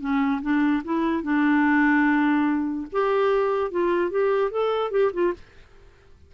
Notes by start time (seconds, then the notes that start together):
0.00 C#4
0.42 D4
0.84 E4
1.23 D4
2.92 G4
3.71 F4
4.11 G4
4.51 A4
4.91 G4
5.13 F4